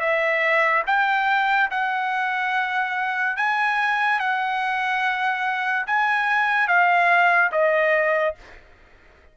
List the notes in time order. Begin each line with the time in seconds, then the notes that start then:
0.00 E5
0.87 G5
1.71 F#5
3.37 G#5
4.20 F#5
5.87 G#5
6.68 F5
7.52 D#5